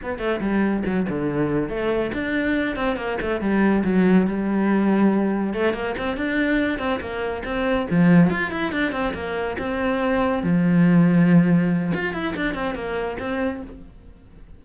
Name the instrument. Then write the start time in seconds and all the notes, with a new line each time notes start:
cello
0.02 B3
0.18 A3
0.40 G3
0.85 F#3
1.09 D3
1.69 A3
2.13 D4
2.75 C4
2.96 A#3
3.21 A3
3.40 G3
3.84 F#3
4.26 G3
5.53 A3
5.73 A#3
5.98 C4
6.16 D4
6.79 C4
7.00 A#3
7.44 C4
7.90 F3
8.30 F4
8.51 E4
8.72 D4
8.91 C4
9.14 A#3
9.58 C4
10.43 F3
11.94 F4
12.13 E4
12.36 D4
12.54 C4
12.74 A#3
13.19 C4